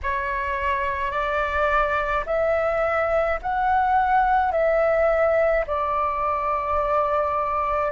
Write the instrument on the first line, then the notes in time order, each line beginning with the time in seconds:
flute
0.03 C#5
1.11 D5
2.25 E5
3.42 F#5
4.51 E5
5.67 D5